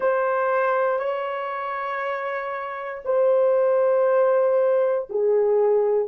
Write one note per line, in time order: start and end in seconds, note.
0.00 0.99 C5
0.99 3.02 C#5
3.04 5.08 C5
5.09 6.08 G#4